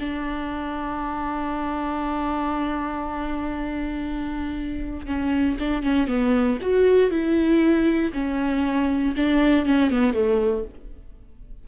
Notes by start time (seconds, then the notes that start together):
0.00 D4
5.06 C#4
5.59 D4
5.82 C#4
6.08 B3
6.61 F#4
7.11 E4
8.13 C#4
9.16 D4
9.66 C#4
9.91 B3
10.14 A3